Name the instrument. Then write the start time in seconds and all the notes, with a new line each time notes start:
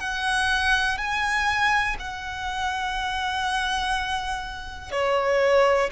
violin
0.00 F#5
0.98 G#5
1.99 F#5
4.91 C#5